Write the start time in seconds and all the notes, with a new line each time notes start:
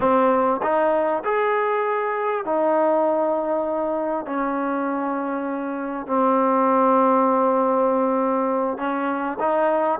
0.00 C4
0.62 D#4
1.24 G#4
2.45 D#4
4.26 C#4
6.06 C4
8.77 C#4
9.39 D#4